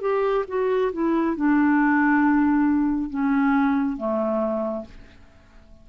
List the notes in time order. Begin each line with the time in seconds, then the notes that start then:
0.00 G4
0.47 F#4
0.92 E4
1.36 D4
3.10 C#4
3.96 A3